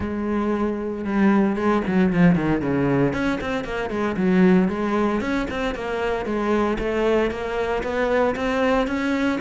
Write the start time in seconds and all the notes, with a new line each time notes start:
0.00 G#3
1.04 G3
1.56 G#3
1.87 F#3
2.12 F3
2.35 D#3
2.61 C#3
3.13 C#4
3.40 C4
3.64 A#3
3.89 G#3
4.16 F#3
4.68 G#3
5.20 C#4
5.50 C4
5.75 A#3
6.25 G#3
6.78 A3
7.30 A#3
7.83 B3
8.35 C4
8.87 C#4